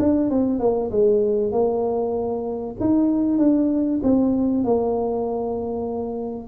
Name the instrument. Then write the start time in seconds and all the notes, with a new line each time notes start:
tuba
0.00 D4
0.31 C4
0.60 A#3
0.91 G#3
1.52 A#3
2.81 D#4
3.39 D4
4.03 C4
4.65 A#3